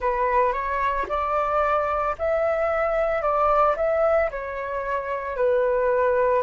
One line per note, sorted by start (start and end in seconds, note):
0.00 0.53 B4
0.53 1.06 C#5
1.08 2.15 D5
2.18 3.21 E5
3.21 3.75 D5
3.76 4.30 E5
4.31 5.36 C#5
5.36 6.42 B4